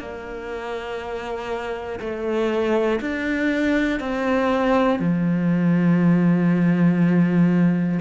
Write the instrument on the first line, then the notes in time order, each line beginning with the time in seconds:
cello
0.00 A#3
2.00 A3
3.01 D4
4.00 C4
5.00 F3